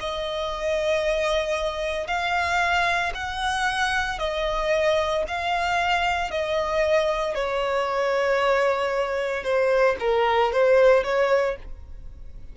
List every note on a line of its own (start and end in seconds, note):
0.00 2.07 D#5
2.07 3.12 F5
3.14 4.19 F#5
4.19 5.24 D#5
5.28 6.31 F5
6.31 7.35 D#5
7.35 9.44 C#5
9.44 9.96 C5
10.00 10.52 A#4
10.52 11.04 C5
11.04 11.56 C#5